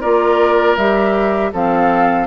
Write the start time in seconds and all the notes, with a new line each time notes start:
0.00 A#3 F4 A#4 D5
0.76 G3 G4 E5
1.53 F3 C4 A4 F5